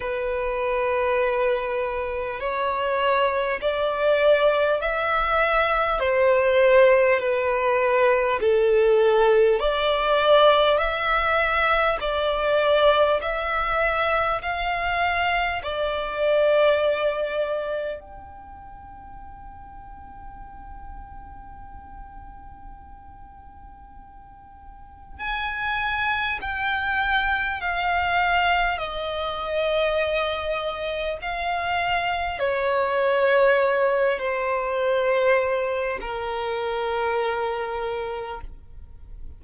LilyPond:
\new Staff \with { instrumentName = "violin" } { \time 4/4 \tempo 4 = 50 b'2 cis''4 d''4 | e''4 c''4 b'4 a'4 | d''4 e''4 d''4 e''4 | f''4 d''2 g''4~ |
g''1~ | g''4 gis''4 g''4 f''4 | dis''2 f''4 cis''4~ | cis''8 c''4. ais'2 | }